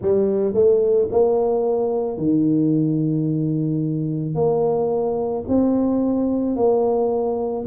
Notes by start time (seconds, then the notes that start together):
0.01 G3
0.54 A3
1.11 A#3
2.17 D#3
4.34 A#3
5.48 C4
6.56 A#3